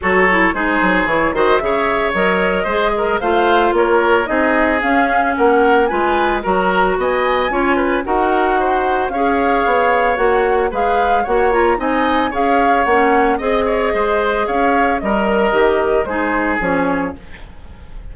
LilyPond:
<<
  \new Staff \with { instrumentName = "flute" } { \time 4/4 \tempo 4 = 112 cis''4 c''4 cis''8 dis''8 e''4 | dis''2 f''4 cis''4 | dis''4 f''4 fis''4 gis''4 | ais''4 gis''2 fis''4~ |
fis''4 f''2 fis''4 | f''4 fis''8 ais''8 gis''4 f''4 | fis''4 dis''2 f''4 | dis''2 c''4 cis''4 | }
  \new Staff \with { instrumentName = "oboe" } { \time 4/4 a'4 gis'4. c''8 cis''4~ | cis''4 c''8 ais'8 c''4 ais'4 | gis'2 ais'4 b'4 | ais'4 dis''4 cis''8 b'8 ais'4 |
c''4 cis''2. | b'4 cis''4 dis''4 cis''4~ | cis''4 dis''8 cis''8 c''4 cis''4 | ais'2 gis'2 | }
  \new Staff \with { instrumentName = "clarinet" } { \time 4/4 fis'8 e'8 dis'4 e'8 fis'8 gis'4 | ais'4 gis'4 f'2 | dis'4 cis'2 f'4 | fis'2 f'4 fis'4~ |
fis'4 gis'2 fis'4 | gis'4 fis'8 f'8 dis'4 gis'4 | cis'4 gis'2. | ais'4 g'4 dis'4 cis'4 | }
  \new Staff \with { instrumentName = "bassoon" } { \time 4/4 fis4 gis8 fis8 e8 dis8 cis4 | fis4 gis4 a4 ais4 | c'4 cis'4 ais4 gis4 | fis4 b4 cis'4 dis'4~ |
dis'4 cis'4 b4 ais4 | gis4 ais4 c'4 cis'4 | ais4 c'4 gis4 cis'4 | g4 dis4 gis4 f4 | }
>>